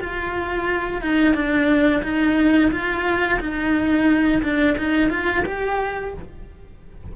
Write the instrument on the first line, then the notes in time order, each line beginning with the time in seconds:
cello
0.00 F4
1.01 D#4
1.34 D4
2.02 D#4
2.71 F4
3.40 D#4
4.43 D4
4.78 D#4
5.10 F4
5.45 G4